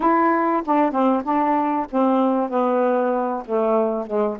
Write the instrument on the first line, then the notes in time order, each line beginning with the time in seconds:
saxophone
0.00 E4
0.65 D4
0.91 C4
1.24 D4
1.90 C4
2.49 B3
3.45 A3
4.06 G#3